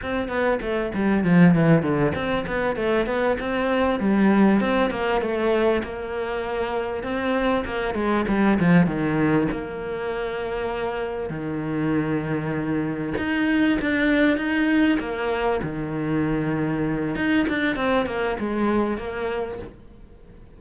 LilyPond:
\new Staff \with { instrumentName = "cello" } { \time 4/4 \tempo 4 = 98 c'8 b8 a8 g8 f8 e8 d8 c'8 | b8 a8 b8 c'4 g4 c'8 | ais8 a4 ais2 c'8~ | c'8 ais8 gis8 g8 f8 dis4 ais8~ |
ais2~ ais8 dis4.~ | dis4. dis'4 d'4 dis'8~ | dis'8 ais4 dis2~ dis8 | dis'8 d'8 c'8 ais8 gis4 ais4 | }